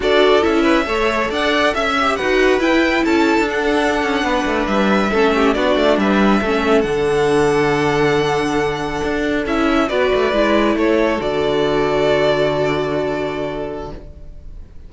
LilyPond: <<
  \new Staff \with { instrumentName = "violin" } { \time 4/4 \tempo 4 = 138 d''4 e''2 fis''4 | e''4 fis''4 g''4 a''4 | fis''2~ fis''8. e''4~ e''16~ | e''8. d''4 e''2 fis''16~ |
fis''1~ | fis''4.~ fis''16 e''4 d''4~ d''16~ | d''8. cis''4 d''2~ d''16~ | d''1 | }
  \new Staff \with { instrumentName = "violin" } { \time 4/4 a'4. b'8 cis''4 d''4 | e''4 b'2 a'4~ | a'4.~ a'16 b'2 a'16~ | a'16 g'8 fis'4 b'4 a'4~ a'16~ |
a'1~ | a'2~ a'8. b'4~ b'16~ | b'8. a'2.~ a'16~ | a'1 | }
  \new Staff \with { instrumentName = "viola" } { \time 4/4 fis'4 e'4 a'2~ | a'8 g'8 fis'4 e'2 | d'2.~ d'8. cis'16~ | cis'8. d'2 cis'4 d'16~ |
d'1~ | d'4.~ d'16 e'4 fis'4 e'16~ | e'4.~ e'16 fis'2~ fis'16~ | fis'1 | }
  \new Staff \with { instrumentName = "cello" } { \time 4/4 d'4 cis'4 a4 d'4 | cis'4 dis'4 e'4 cis'8. d'16~ | d'4~ d'16 cis'8 b8 a8 g4 a16~ | a8. b8 a8 g4 a4 d16~ |
d1~ | d8. d'4 cis'4 b8 a8 gis16~ | gis8. a4 d2~ d16~ | d1 | }
>>